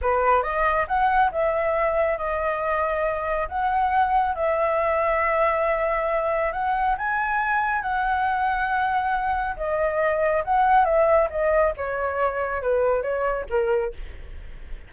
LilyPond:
\new Staff \with { instrumentName = "flute" } { \time 4/4 \tempo 4 = 138 b'4 dis''4 fis''4 e''4~ | e''4 dis''2. | fis''2 e''2~ | e''2. fis''4 |
gis''2 fis''2~ | fis''2 dis''2 | fis''4 e''4 dis''4 cis''4~ | cis''4 b'4 cis''4 ais'4 | }